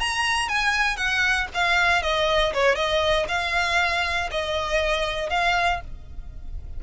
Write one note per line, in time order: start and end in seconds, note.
0.00 0.49 A#5
0.49 0.97 G#5
0.97 1.47 F#5
1.54 2.02 F5
2.02 2.53 D#5
2.53 2.76 C#5
2.76 3.27 D#5
3.28 4.30 F5
4.31 5.30 D#5
5.30 5.81 F5